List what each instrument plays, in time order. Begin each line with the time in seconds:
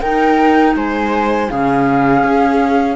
0.00 cello D#4, clarinet D#4, viola A#4, flute G5
0.76 cello G#3, viola C5, flute G#5
1.49 cello C#3, clarinet C#4, viola G#4, flute F5
2.23 cello C#4